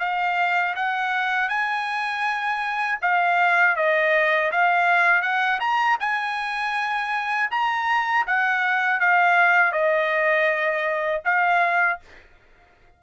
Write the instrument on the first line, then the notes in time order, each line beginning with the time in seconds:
trumpet
0.00 F5
0.76 F#5
1.49 G#5
3.02 F5
3.76 D#5
4.52 F5
5.22 F#5
5.60 A#5
6.00 G#5
7.51 A#5
8.27 F#5
9.00 F5
9.72 D#5
11.25 F5